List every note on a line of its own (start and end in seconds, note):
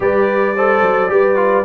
0.00 0.81 G3
0.00 0.55 G4
0.00 0.56 B4
0.00 1.64 D5
0.56 1.08 A4
0.56 1.11 C5
0.82 1.10 F#3
1.08 1.64 G3
1.08 1.36 G4
1.08 1.64 B4
1.36 1.63 F4